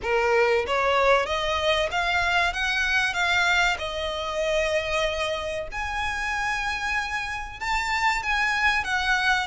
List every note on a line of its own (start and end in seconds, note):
0.02 0.65 A#4
0.67 1.26 C#5
1.26 1.89 D#5
1.91 2.53 F5
2.53 3.13 F#5
3.13 3.76 F5
3.78 5.68 D#5
5.71 7.60 G#5
7.60 8.22 A5
8.22 8.83 G#5
8.83 9.47 F#5